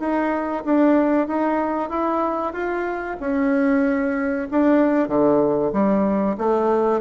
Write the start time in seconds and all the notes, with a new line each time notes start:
0.00 D#4
0.66 D4
1.28 D#4
1.90 E4
2.53 F4
3.21 C#4
4.51 D4
5.09 D3
5.73 G3
6.38 A3